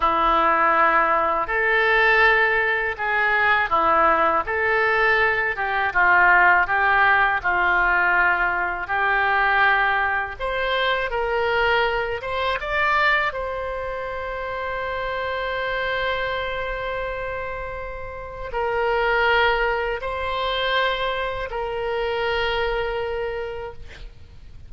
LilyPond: \new Staff \with { instrumentName = "oboe" } { \time 4/4 \tempo 4 = 81 e'2 a'2 | gis'4 e'4 a'4. g'8 | f'4 g'4 f'2 | g'2 c''4 ais'4~ |
ais'8 c''8 d''4 c''2~ | c''1~ | c''4 ais'2 c''4~ | c''4 ais'2. | }